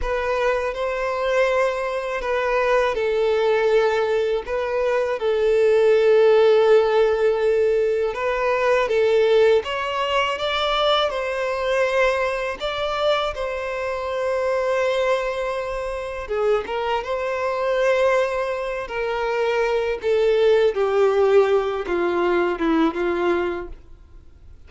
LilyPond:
\new Staff \with { instrumentName = "violin" } { \time 4/4 \tempo 4 = 81 b'4 c''2 b'4 | a'2 b'4 a'4~ | a'2. b'4 | a'4 cis''4 d''4 c''4~ |
c''4 d''4 c''2~ | c''2 gis'8 ais'8 c''4~ | c''4. ais'4. a'4 | g'4. f'4 e'8 f'4 | }